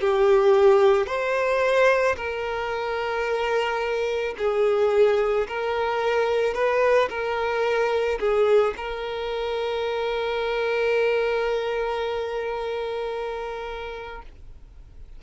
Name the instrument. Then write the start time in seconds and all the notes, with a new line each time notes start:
violin
0.00 G4
1.06 C5
2.16 A#4
4.38 G#4
5.48 A#4
6.54 B4
7.10 A#4
8.19 G#4
8.77 A#4